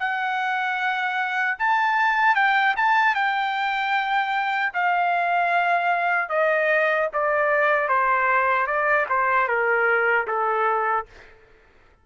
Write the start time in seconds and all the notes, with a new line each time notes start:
0.00 F#5
1.59 A5
2.36 G5
2.77 A5
3.15 G5
4.74 F5
6.30 D#5
7.14 D5
7.89 C5
8.67 D5
9.10 C5
9.48 A#4
10.28 A4